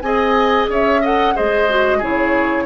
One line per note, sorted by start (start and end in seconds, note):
0.00 0.67 C4
0.00 1.02 G#4
0.00 0.70 D#5
0.00 0.66 G#5
0.69 1.35 C#4
0.69 1.01 C#5
0.69 1.05 E5
1.01 1.35 A4
1.01 1.34 D#5
1.01 1.37 F#5
1.35 2.02 G#3
1.35 1.68 G#4
1.35 1.98 C5
1.35 2.03 D#5
1.69 2.01 F#4
1.98 2.66 C#3
1.98 2.66 E4
1.98 2.64 G#4
1.98 2.66 C#5